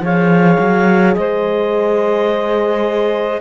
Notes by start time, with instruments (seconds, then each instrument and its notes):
0.00 cello F3, horn G#4, saxophone C#5, clarinet F5
0.59 cello F#3
1.14 cello G#3, saxophone C5, clarinet D#5